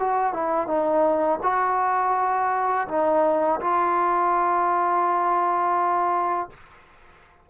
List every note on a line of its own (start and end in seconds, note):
0.00 0.34 F#4
0.34 0.67 E4
0.67 1.40 D#4
1.43 2.88 F#4
2.88 3.60 D#4
3.61 6.50 F4